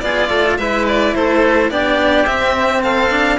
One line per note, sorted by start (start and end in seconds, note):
0.00 0.29 B3
0.00 0.59 F4
0.00 0.28 G#4
0.00 0.56 D5
0.28 0.58 A3
0.28 0.56 A4
0.57 1.14 G#3
0.57 1.70 E4
0.57 1.15 B4
0.57 0.86 E5
0.87 1.14 D5
1.14 1.70 A3
1.14 1.71 A4
1.14 1.70 C5
1.70 2.25 B3
1.70 2.26 D4
1.70 2.83 G4
1.70 2.25 D5
2.25 3.37 C4
2.25 3.10 C4
2.25 2.82 E5
2.82 3.39 A4
2.82 3.39 F5
3.10 3.38 D4